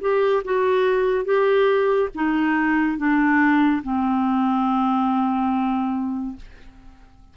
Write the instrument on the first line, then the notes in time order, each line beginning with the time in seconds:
clarinet
0.00 G4
0.44 F#4
1.24 G4
2.14 D#4
2.97 D4
3.83 C4